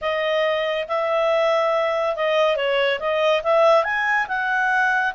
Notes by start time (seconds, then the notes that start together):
0.01 D#5
0.88 E5
2.15 D#5
2.56 C#5
2.99 D#5
3.43 E5
3.84 G#5
4.27 F#5